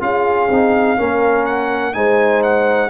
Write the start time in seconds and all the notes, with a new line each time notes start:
0.00 C#4 F4 G#4 F5
0.50 C4 D#4
0.97 A#3 C#4 A#4
1.45 F#5
1.93 G#3 D#4 C5 G#5
2.43 F#5